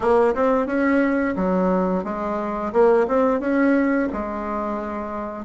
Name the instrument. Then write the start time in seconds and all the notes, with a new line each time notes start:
bassoon
0.00 A#3
0.34 C4
0.66 C#4
1.35 F#3
2.04 G#3
2.72 A#3
3.07 C4
3.40 C#4
4.12 G#3